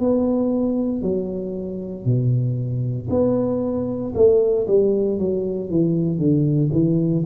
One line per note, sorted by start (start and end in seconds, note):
0.00 1.02 B3
1.02 2.05 F#3
2.05 3.08 B2
3.10 4.13 B3
4.15 4.67 A3
4.67 5.19 G3
5.19 5.70 F#3
5.70 6.18 E3
6.18 6.70 D3
6.72 7.24 E3